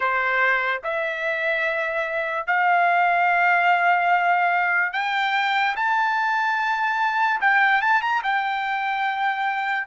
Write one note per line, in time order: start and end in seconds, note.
0.00 0.81 C5
0.83 2.47 E5
2.47 4.92 F5
4.92 5.75 G5
5.76 7.40 A5
7.40 7.81 G5
7.81 8.01 A5
8.01 8.22 A#5
8.23 9.87 G5